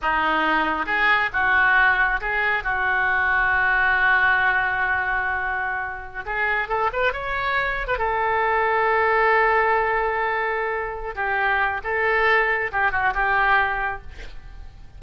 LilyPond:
\new Staff \with { instrumentName = "oboe" } { \time 4/4 \tempo 4 = 137 dis'2 gis'4 fis'4~ | fis'4 gis'4 fis'2~ | fis'1~ | fis'2~ fis'16 gis'4 a'8 b'16~ |
b'16 cis''4.~ cis''16 b'16 a'4.~ a'16~ | a'1~ | a'4. g'4. a'4~ | a'4 g'8 fis'8 g'2 | }